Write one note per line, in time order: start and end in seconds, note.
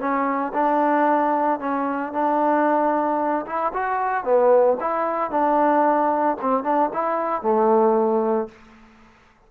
0.00 0.53 C#4
0.54 1.60 D4
1.60 2.13 C#4
2.13 3.46 D4
3.46 3.73 E4
3.74 4.25 F#4
4.25 4.78 B3
4.81 5.31 E4
5.31 6.37 D4
6.42 6.64 C4
6.64 6.91 D4
6.94 7.43 E4
7.43 8.49 A3